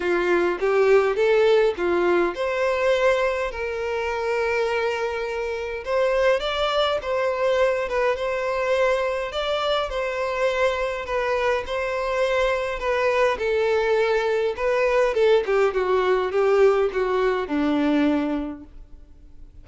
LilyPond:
\new Staff \with { instrumentName = "violin" } { \time 4/4 \tempo 4 = 103 f'4 g'4 a'4 f'4 | c''2 ais'2~ | ais'2 c''4 d''4 | c''4. b'8 c''2 |
d''4 c''2 b'4 | c''2 b'4 a'4~ | a'4 b'4 a'8 g'8 fis'4 | g'4 fis'4 d'2 | }